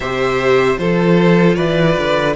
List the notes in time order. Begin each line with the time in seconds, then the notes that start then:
0.00 C3 G4 C5 E5
0.77 F3 F4 A4 C5
1.55 E3 B4 D5
1.98 D3